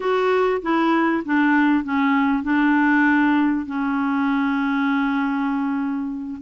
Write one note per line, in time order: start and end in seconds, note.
0.00 0.61 F#4
0.62 1.23 E4
1.25 1.84 D4
1.84 2.43 C#4
2.43 3.65 D4
3.66 6.41 C#4